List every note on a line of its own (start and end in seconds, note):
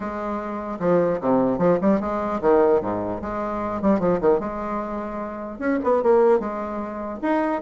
0.00 0.79 G#3
0.79 1.19 F3
1.20 1.58 C3
1.58 1.78 F3
1.81 2.00 G3
2.00 2.40 G#3
2.41 2.81 D#3
2.81 3.21 G#2
3.21 3.81 G#3
3.81 3.99 G3
3.99 4.19 F3
4.20 4.39 D#3
4.39 5.58 G#3
5.58 5.78 C#4
5.83 6.03 B3
6.03 6.39 A#3
6.39 7.19 G#3
7.22 7.61 D#4